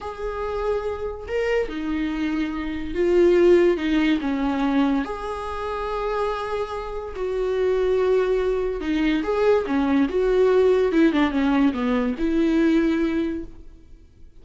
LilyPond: \new Staff \with { instrumentName = "viola" } { \time 4/4 \tempo 4 = 143 gis'2. ais'4 | dis'2. f'4~ | f'4 dis'4 cis'2 | gis'1~ |
gis'4 fis'2.~ | fis'4 dis'4 gis'4 cis'4 | fis'2 e'8 d'8 cis'4 | b4 e'2. | }